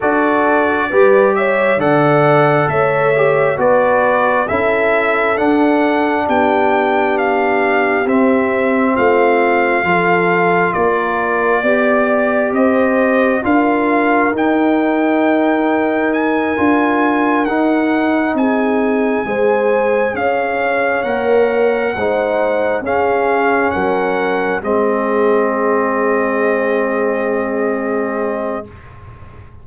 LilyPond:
<<
  \new Staff \with { instrumentName = "trumpet" } { \time 4/4 \tempo 4 = 67 d''4. e''8 fis''4 e''4 | d''4 e''4 fis''4 g''4 | f''4 e''4 f''2 | d''2 dis''4 f''4 |
g''2 gis''4. fis''8~ | fis''8 gis''2 f''4 fis''8~ | fis''4. f''4 fis''4 dis''8~ | dis''1 | }
  \new Staff \with { instrumentName = "horn" } { \time 4/4 a'4 b'8 cis''8 d''4 cis''4 | b'4 a'2 g'4~ | g'2 f'4 a'4 | ais'4 d''4 c''4 ais'4~ |
ais'1~ | ais'8 gis'4 c''4 cis''4.~ | cis''8 c''4 gis'4 ais'4 gis'8~ | gis'1 | }
  \new Staff \with { instrumentName = "trombone" } { \time 4/4 fis'4 g'4 a'4. g'8 | fis'4 e'4 d'2~ | d'4 c'2 f'4~ | f'4 g'2 f'4 |
dis'2~ dis'8 f'4 dis'8~ | dis'4. gis'2 ais'8~ | ais'8 dis'4 cis'2 c'8~ | c'1 | }
  \new Staff \with { instrumentName = "tuba" } { \time 4/4 d'4 g4 d4 a4 | b4 cis'4 d'4 b4~ | b4 c'4 a4 f4 | ais4 b4 c'4 d'4 |
dis'2~ dis'8 d'4 dis'8~ | dis'8 c'4 gis4 cis'4 ais8~ | ais8 gis4 cis'4 fis4 gis8~ | gis1 | }
>>